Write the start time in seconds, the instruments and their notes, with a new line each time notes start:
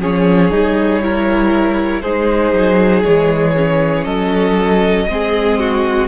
0.00 cello F3, viola C#4, violin G#4 C#5
0.50 cello G3, viola D#4
1.02 viola E4, violin A#4
2.01 cello G#3, viola D#4, violin G#4 C5
2.53 cello F#3
3.04 cello E3, viola G#3, violin C#5
3.56 viola C#4
4.04 cello F#3, violin A4 D#5
5.08 cello G#3, viola C4, violin G#4
5.59 violin F#4